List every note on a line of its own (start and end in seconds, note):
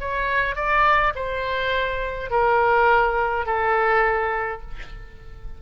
0.00 0.56 C#5
0.56 1.13 D5
1.15 2.31 C5
2.31 3.46 A#4
3.46 4.62 A4